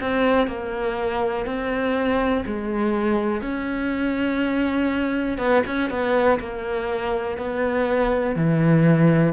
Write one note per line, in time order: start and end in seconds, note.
0.00 0.47 C4
0.47 1.45 A#3
1.45 2.44 C4
2.46 3.41 G#3
3.41 5.37 C#4
5.37 5.62 B3
5.66 5.90 C#4
5.90 6.39 B3
6.39 7.37 A#3
7.37 8.35 B3
8.35 9.33 E3